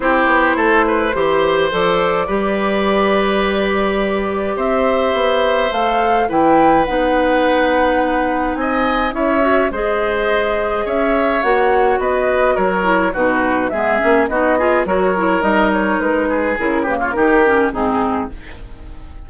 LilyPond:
<<
  \new Staff \with { instrumentName = "flute" } { \time 4/4 \tempo 4 = 105 c''2. d''4~ | d''1 | e''2 f''4 g''4 | fis''2. gis''4 |
e''4 dis''2 e''4 | fis''4 dis''4 cis''4 b'4 | e''4 dis''4 cis''4 dis''8 cis''8 | b'4 ais'8 b'16 cis''16 ais'4 gis'4 | }
  \new Staff \with { instrumentName = "oboe" } { \time 4/4 g'4 a'8 b'8 c''2 | b'1 | c''2. b'4~ | b'2. dis''4 |
cis''4 c''2 cis''4~ | cis''4 b'4 ais'4 fis'4 | gis'4 fis'8 gis'8 ais'2~ | ais'8 gis'4 g'16 f'16 g'4 dis'4 | }
  \new Staff \with { instrumentName = "clarinet" } { \time 4/4 e'2 g'4 a'4 | g'1~ | g'2 a'4 e'4 | dis'1 |
e'8 fis'8 gis'2. | fis'2~ fis'8 e'8 dis'4 | b8 cis'8 dis'8 f'8 fis'8 e'8 dis'4~ | dis'4 e'8 ais8 dis'8 cis'8 c'4 | }
  \new Staff \with { instrumentName = "bassoon" } { \time 4/4 c'8 b8 a4 e4 f4 | g1 | c'4 b4 a4 e4 | b2. c'4 |
cis'4 gis2 cis'4 | ais4 b4 fis4 b,4 | gis8 ais8 b4 fis4 g4 | gis4 cis4 dis4 gis,4 | }
>>